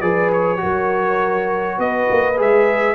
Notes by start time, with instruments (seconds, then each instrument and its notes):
0.00 tuba F3, trombone G#4, horn B4, trumpet D5
0.33 trumpet C#5
0.57 trombone F#4, horn A#4
0.64 tuba F#3
1.78 tuba B3, horn B4, trumpet D#5
2.11 tuba A#3
2.37 tuba G#3, trombone G#4, trumpet E5